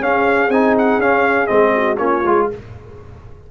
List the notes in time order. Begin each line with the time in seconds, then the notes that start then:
0.00 C#4 G#4 F5
0.49 C4 D#4 G#5
0.78 F#5
0.99 C#4 F5
1.47 G#3 C4 D#5
1.75 F#4
1.98 A#3 C#4 F4 C#5
2.25 G#3 F4